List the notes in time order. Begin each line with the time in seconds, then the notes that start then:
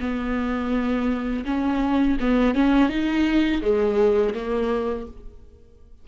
0.00 B3
1.45 C#4
2.20 B3
2.54 C#4
2.89 D#4
3.61 G#3
4.34 A#3